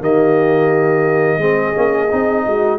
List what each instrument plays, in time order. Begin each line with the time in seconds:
0.00 tuba D#3, trombone A#3, horn G4, trumpet D#5
1.38 tuba G#3, trombone C4, horn G#4
1.74 tuba A#3, trombone C#4
2.10 tuba C4, trombone D#4
2.46 tuba G#3, horn F#4